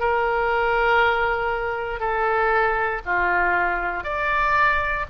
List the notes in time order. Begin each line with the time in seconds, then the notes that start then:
0.00 A#4
2.00 A4
3.06 F4
4.04 D5